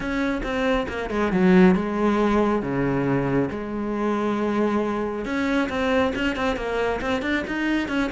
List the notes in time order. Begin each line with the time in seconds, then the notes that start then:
0.00 C#4
0.43 C4
0.88 A#3
1.09 G#3
1.32 F#3
1.75 G#3
2.62 C#3
3.50 G#3
5.25 C#4
5.69 C4
6.15 C#4
6.36 C4
6.56 A#3
7.01 C4
7.22 D4
7.47 D#4
7.88 C#4